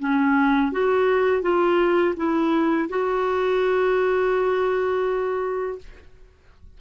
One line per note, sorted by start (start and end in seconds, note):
0.00 0.72 C#4
0.72 1.42 F#4
1.42 2.15 F4
2.17 2.89 E4
2.89 5.79 F#4